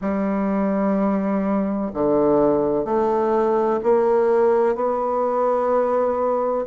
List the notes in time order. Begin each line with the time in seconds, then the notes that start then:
0.01 G3
1.93 D3
2.84 A3
3.83 A#3
4.74 B3